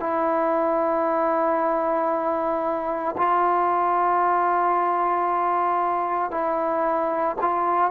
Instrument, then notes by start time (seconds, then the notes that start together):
trombone
0.00 E4
3.18 F4
6.32 E4
7.42 F4